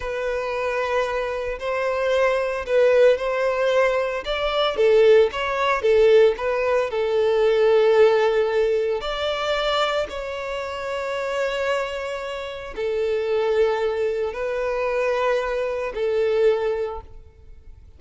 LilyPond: \new Staff \with { instrumentName = "violin" } { \time 4/4 \tempo 4 = 113 b'2. c''4~ | c''4 b'4 c''2 | d''4 a'4 cis''4 a'4 | b'4 a'2.~ |
a'4 d''2 cis''4~ | cis''1 | a'2. b'4~ | b'2 a'2 | }